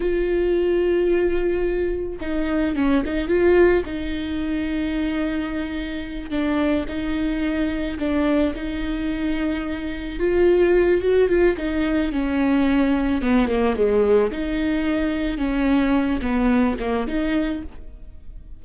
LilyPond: \new Staff \with { instrumentName = "viola" } { \time 4/4 \tempo 4 = 109 f'1 | dis'4 cis'8 dis'8 f'4 dis'4~ | dis'2.~ dis'8 d'8~ | d'8 dis'2 d'4 dis'8~ |
dis'2~ dis'8 f'4. | fis'8 f'8 dis'4 cis'2 | b8 ais8 gis4 dis'2 | cis'4. b4 ais8 dis'4 | }